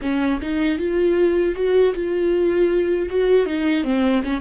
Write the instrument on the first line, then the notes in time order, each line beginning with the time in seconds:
viola
0.01 C#4
0.41 D#4
0.78 F4
1.55 F#4
1.94 F4
3.09 F#4
3.45 D#4
3.84 C4
4.23 C#4